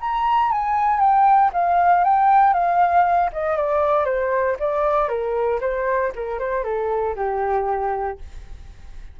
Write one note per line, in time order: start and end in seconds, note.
0.00 0.51 A#5
0.51 1.00 G#5
1.00 1.51 G5
1.53 2.04 F5
2.04 2.53 G5
2.53 3.30 F5
3.32 3.56 D#5
3.56 4.05 D5
4.05 4.56 C5
4.59 5.08 D5
5.08 5.60 A#4
5.60 6.12 C5
6.15 6.39 A#4
6.39 6.64 C5
6.64 7.15 A4
7.16 8.18 G4